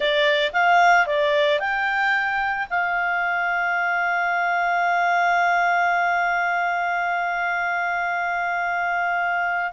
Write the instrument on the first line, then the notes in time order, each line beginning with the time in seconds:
clarinet
0.00 D5
0.53 F5
1.06 D5
1.59 G5
2.70 F5